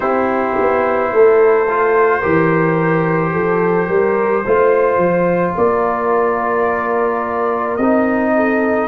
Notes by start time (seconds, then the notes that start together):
0.00 C4 E4 G4 C5
0.58 B3
1.12 A3 A4
1.69 F4
2.19 E3 G4 A#4
3.32 F3 A4
3.87 G3 A#4
4.44 A3 F4 C5
4.97 F3
5.57 A#3 A#4 D5
7.76 C4 D#4 D#5
8.35 A4